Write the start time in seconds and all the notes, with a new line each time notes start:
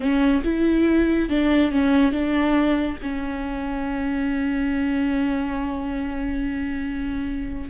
0.00 C#4
0.44 E4
1.29 D4
1.71 C#4
2.12 D4
3.02 C#4